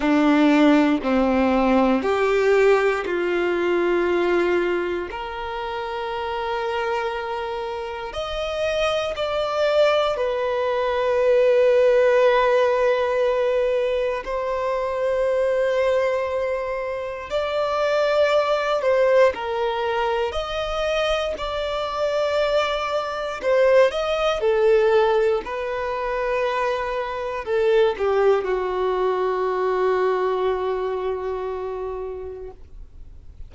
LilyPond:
\new Staff \with { instrumentName = "violin" } { \time 4/4 \tempo 4 = 59 d'4 c'4 g'4 f'4~ | f'4 ais'2. | dis''4 d''4 b'2~ | b'2 c''2~ |
c''4 d''4. c''8 ais'4 | dis''4 d''2 c''8 dis''8 | a'4 b'2 a'8 g'8 | fis'1 | }